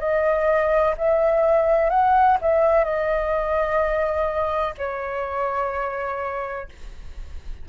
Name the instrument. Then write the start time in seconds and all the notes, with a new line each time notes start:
flute
0.00 D#5
0.98 E5
1.90 F#5
2.42 E5
2.84 D#5
4.78 C#5